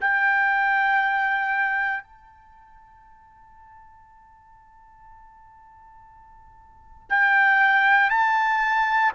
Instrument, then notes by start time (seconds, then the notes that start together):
trumpet
0.00 G5
2.03 A5
7.10 G5
8.10 A5